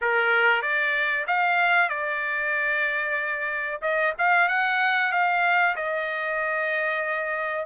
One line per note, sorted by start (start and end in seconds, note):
0.01 0.62 A#4
0.62 1.25 D5
1.27 1.89 F5
1.89 3.80 D5
3.81 4.13 D#5
4.18 4.48 F5
4.48 5.12 F#5
5.12 5.75 F5
5.76 7.65 D#5